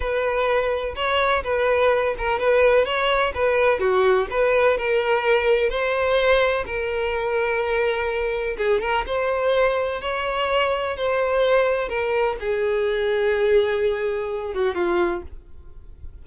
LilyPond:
\new Staff \with { instrumentName = "violin" } { \time 4/4 \tempo 4 = 126 b'2 cis''4 b'4~ | b'8 ais'8 b'4 cis''4 b'4 | fis'4 b'4 ais'2 | c''2 ais'2~ |
ais'2 gis'8 ais'8 c''4~ | c''4 cis''2 c''4~ | c''4 ais'4 gis'2~ | gis'2~ gis'8 fis'8 f'4 | }